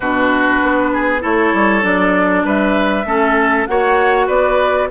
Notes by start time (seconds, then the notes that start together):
0.00 B2 D4 F#4 B4
0.62 B3
0.93 G#4
1.20 A3 E4 A4 C#5
1.53 G3
1.82 F#3 D4 D5
2.44 G3 B4 E5
3.04 A3 C#4 A4
3.66 A#3 F#4 C#5 F#5
4.26 B3 B4 D5